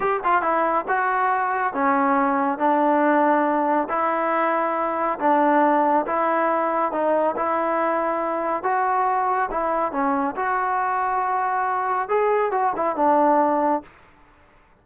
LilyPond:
\new Staff \with { instrumentName = "trombone" } { \time 4/4 \tempo 4 = 139 g'8 f'8 e'4 fis'2 | cis'2 d'2~ | d'4 e'2. | d'2 e'2 |
dis'4 e'2. | fis'2 e'4 cis'4 | fis'1 | gis'4 fis'8 e'8 d'2 | }